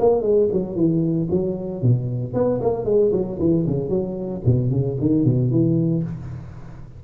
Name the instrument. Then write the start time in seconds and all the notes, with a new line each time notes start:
tuba
0.00 A#3
0.22 G#3
0.53 F#3
0.76 E3
1.31 F#3
1.82 B2
2.34 B3
2.62 A#3
2.85 G#3
3.12 F#3
3.39 E3
3.67 C#3
3.89 F#3
4.46 B2
4.71 C#3
5.00 D#3
5.25 B2
5.51 E3